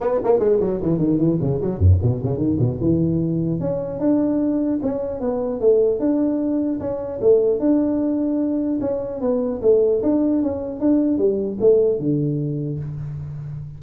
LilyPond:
\new Staff \with { instrumentName = "tuba" } { \time 4/4 \tempo 4 = 150 b8 ais8 gis8 fis8 e8 dis8 e8 cis8 | fis8 fis,8 b,8 cis8 dis8 b,8 e4~ | e4 cis'4 d'2 | cis'4 b4 a4 d'4~ |
d'4 cis'4 a4 d'4~ | d'2 cis'4 b4 | a4 d'4 cis'4 d'4 | g4 a4 d2 | }